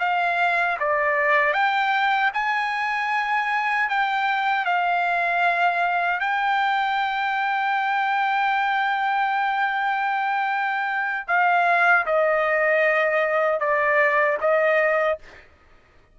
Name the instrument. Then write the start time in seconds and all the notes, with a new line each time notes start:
trumpet
0.00 F5
0.80 D5
1.54 G5
2.34 G#5
3.90 G5
4.66 F5
6.21 G5
11.28 F5
12.07 D#5
13.60 D5
14.42 D#5